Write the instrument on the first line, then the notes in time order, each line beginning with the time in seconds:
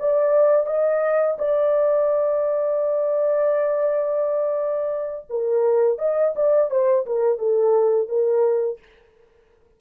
horn
0.00 D5
0.67 D#5
1.39 D5
5.30 A#4
5.99 D#5
6.36 D5
6.71 C5
7.07 A#4
7.39 A4
8.09 A#4